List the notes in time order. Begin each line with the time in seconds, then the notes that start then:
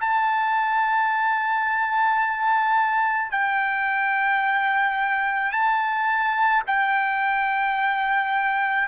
0.00 A5
3.31 G5
5.52 A5
6.67 G5